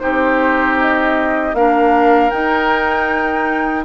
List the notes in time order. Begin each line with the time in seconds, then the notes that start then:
0.00 C4 D#4 G4 C5
0.81 D#5
1.54 A#3 D4 A#4 F5
2.31 D#4 G5